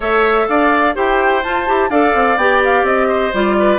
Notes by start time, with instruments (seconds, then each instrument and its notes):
0.00 bassoon A3, clarinet A4, oboe C#5, flute E5
0.48 bassoon D4, oboe D5, flute F5
0.94 bassoon E4, clarinet G4, oboe C5, flute G5
1.43 bassoon F4, clarinet F4, flute A5
1.66 bassoon E4, clarinet G4
1.89 bassoon D4, clarinet A4, oboe D5, flute F5
2.14 bassoon C4
2.36 bassoon B3, clarinet G4, flute G5
2.64 flute F5
2.83 bassoon C4, flute D#5
3.08 oboe C5
3.33 bassoon G3, clarinet F4, flute D5
3.59 oboe B4